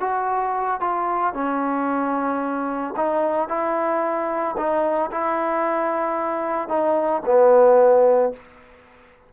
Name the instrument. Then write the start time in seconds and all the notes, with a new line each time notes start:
trombone
0.00 F#4
0.80 F4
1.33 C#4
2.96 D#4
3.48 E4
4.57 D#4
5.11 E4
6.68 D#4
7.26 B3